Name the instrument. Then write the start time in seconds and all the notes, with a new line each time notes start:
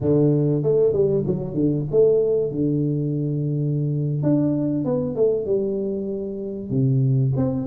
tuba
0.01 D3
0.62 A3
0.92 G3
1.26 F#3
1.53 D3
1.91 A3
2.51 D3
4.22 D4
4.84 B3
5.15 A3
5.45 G3
6.70 C3
7.36 C4